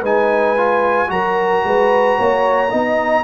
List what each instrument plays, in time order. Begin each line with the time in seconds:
0.00 tuba G#3, trombone D#4, horn B4, trumpet G#5
0.56 trombone F4
1.07 tuba F#3, trombone F#4, horn A#4, trumpet A#5
1.64 tuba G#3, horn B4
2.18 tuba A#3, horn C#5
2.70 tuba B3, trombone D#4, horn D#5